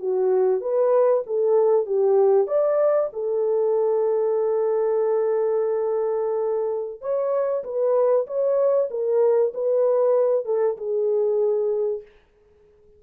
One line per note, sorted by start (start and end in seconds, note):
0.00 0.61 F#4
0.61 1.23 B4
1.27 1.86 A4
1.86 2.47 G4
2.47 3.10 D5
3.13 7.01 A4
7.01 7.64 C#5
7.64 8.26 B4
8.27 8.89 C#5
8.90 9.53 A#4
9.54 10.45 B4
10.45 10.77 A4
10.77 12.02 G#4